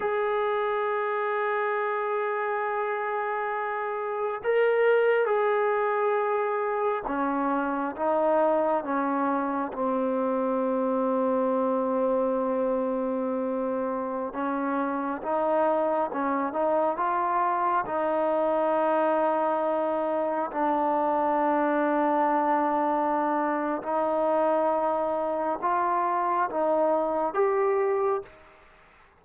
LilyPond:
\new Staff \with { instrumentName = "trombone" } { \time 4/4 \tempo 4 = 68 gis'1~ | gis'4 ais'4 gis'2 | cis'4 dis'4 cis'4 c'4~ | c'1~ |
c'16 cis'4 dis'4 cis'8 dis'8 f'8.~ | f'16 dis'2. d'8.~ | d'2. dis'4~ | dis'4 f'4 dis'4 g'4 | }